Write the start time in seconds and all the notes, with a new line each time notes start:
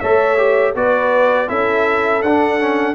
0.00 A3 A4 C#5 E5
0.37 G4
0.75 B3 F#4 B4 D5
1.48 C#4 E4 A4 E5
2.22 D4 F#5
2.28 D4
2.59 C#4